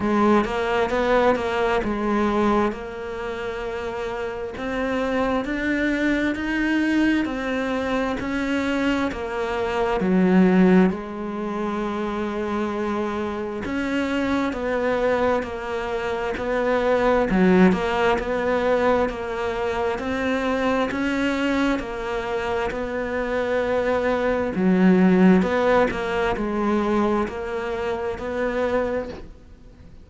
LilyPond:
\new Staff \with { instrumentName = "cello" } { \time 4/4 \tempo 4 = 66 gis8 ais8 b8 ais8 gis4 ais4~ | ais4 c'4 d'4 dis'4 | c'4 cis'4 ais4 fis4 | gis2. cis'4 |
b4 ais4 b4 fis8 ais8 | b4 ais4 c'4 cis'4 | ais4 b2 fis4 | b8 ais8 gis4 ais4 b4 | }